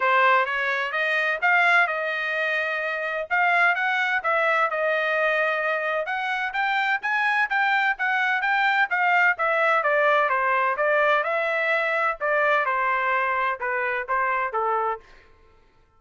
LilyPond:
\new Staff \with { instrumentName = "trumpet" } { \time 4/4 \tempo 4 = 128 c''4 cis''4 dis''4 f''4 | dis''2. f''4 | fis''4 e''4 dis''2~ | dis''4 fis''4 g''4 gis''4 |
g''4 fis''4 g''4 f''4 | e''4 d''4 c''4 d''4 | e''2 d''4 c''4~ | c''4 b'4 c''4 a'4 | }